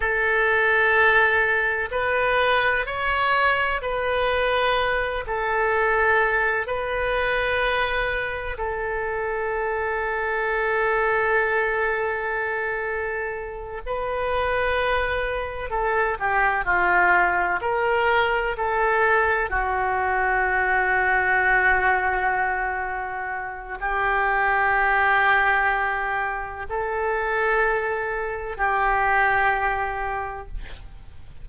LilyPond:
\new Staff \with { instrumentName = "oboe" } { \time 4/4 \tempo 4 = 63 a'2 b'4 cis''4 | b'4. a'4. b'4~ | b'4 a'2.~ | a'2~ a'8 b'4.~ |
b'8 a'8 g'8 f'4 ais'4 a'8~ | a'8 fis'2.~ fis'8~ | fis'4 g'2. | a'2 g'2 | }